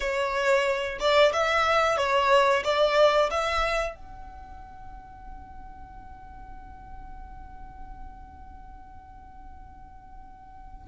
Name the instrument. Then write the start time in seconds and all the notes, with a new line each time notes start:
violin
0.00 C#5
0.99 D5
1.32 E5
1.97 C#5
2.64 D5
3.30 E5
3.95 F#5